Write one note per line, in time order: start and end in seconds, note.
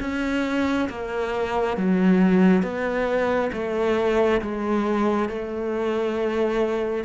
0.00 0.88 C#4
0.89 1.77 A#3
1.77 2.62 F#3
2.62 3.51 B3
3.53 4.41 A3
4.41 5.29 G#3
5.29 7.04 A3